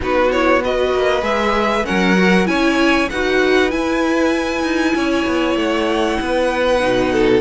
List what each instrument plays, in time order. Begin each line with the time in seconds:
0.00 cello B3, viola D#4, violin F#4 B4
0.31 viola E4, violin C#5
0.64 viola F#4, violin B4 D#5
0.94 cello A#3
1.21 cello G#3, viola G#4, violin E5
1.84 cello F#3, viola C#4, violin A#4 F#5
2.17 viola F#4
2.45 cello C#4, viola E4, violin C#5 G#5
3.09 cello D#4, viola F#4, violin B4 F#5
3.69 viola E4, cello E4, violin G#5
4.63 cello D#4
4.95 cello C#4, violin C#5
5.26 cello B3
5.55 cello A3, violin F#5
6.20 cello B3, violin B4
6.79 cello B2, viola D#4
7.12 violin A4